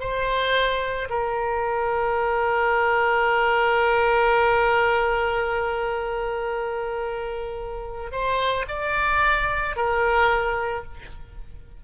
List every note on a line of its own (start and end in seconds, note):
0.00 1.08 C5
1.09 8.11 A#4
8.11 8.65 C5
8.68 9.76 D5
9.76 10.84 A#4